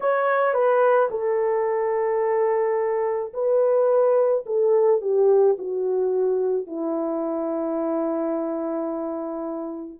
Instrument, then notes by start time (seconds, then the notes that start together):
horn
0.00 C#5
0.53 B4
1.10 A4
3.33 B4
4.45 A4
5.01 G4
5.58 F#4
6.67 E4